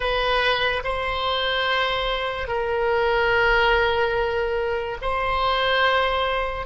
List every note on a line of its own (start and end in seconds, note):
0.00 0.83 B4
0.83 2.47 C5
2.47 4.97 A#4
5.01 6.66 C5